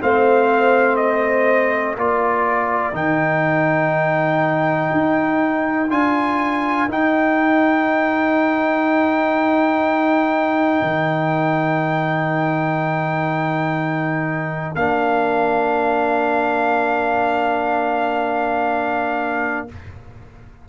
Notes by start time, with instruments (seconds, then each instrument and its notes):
0.00 tuba A3, trombone C4, horn C5, trumpet F5
0.96 trumpet D#5
1.97 tuba A#3, trombone F4, horn A#4, trumpet D5
2.93 tuba D#3, trombone D#4, trumpet G5
4.92 tuba D#4
5.89 tuba D4, trombone F4, trumpet G#5
6.88 tuba D#4, trombone D#4, trumpet G5
10.82 tuba D#3
14.75 tuba A#3, trombone D4, trumpet F5